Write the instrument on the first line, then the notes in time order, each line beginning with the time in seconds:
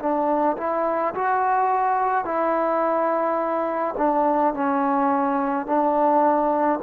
trombone
0.00 D4
0.58 E4
1.15 F#4
2.25 E4
3.98 D4
4.54 C#4
5.67 D4